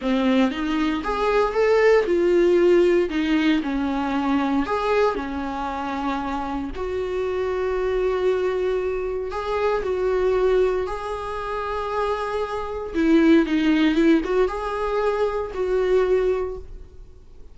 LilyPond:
\new Staff \with { instrumentName = "viola" } { \time 4/4 \tempo 4 = 116 c'4 dis'4 gis'4 a'4 | f'2 dis'4 cis'4~ | cis'4 gis'4 cis'2~ | cis'4 fis'2.~ |
fis'2 gis'4 fis'4~ | fis'4 gis'2.~ | gis'4 e'4 dis'4 e'8 fis'8 | gis'2 fis'2 | }